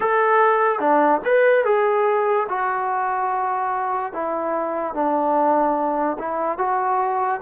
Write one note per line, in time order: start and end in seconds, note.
0.00 0.79 A4
0.79 1.20 D4
1.24 1.64 B4
1.64 2.47 G#4
2.48 4.12 F#4
4.12 4.94 E4
4.94 6.17 D4
6.18 6.58 E4
6.58 7.40 F#4